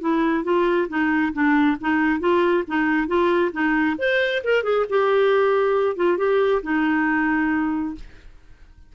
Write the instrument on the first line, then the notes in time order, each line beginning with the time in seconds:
clarinet
0.00 E4
0.44 F4
0.88 D#4
1.32 D4
1.80 D#4
2.19 F4
2.67 D#4
3.07 F4
3.52 D#4
3.98 C5
4.44 A#4
4.63 G#4
4.89 G4
5.96 F4
6.17 G4
6.62 D#4